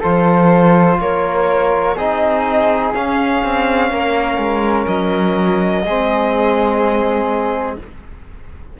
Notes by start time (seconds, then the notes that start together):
0.00 F3 F4 A4 C5
1.01 A#3 A#4 C#5
1.95 C4 D#4 G#4 D#5
2.94 C#4 F5
3.44 C4
3.91 A#3 A#4
4.38 G#3
4.87 F#3 D#5
5.83 G#3 C4 G#4